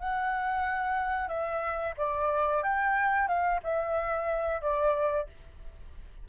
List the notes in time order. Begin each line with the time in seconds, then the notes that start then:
0.00 F#5
1.29 E5
1.98 D5
2.64 G5
3.28 F5
3.64 E5
4.62 D5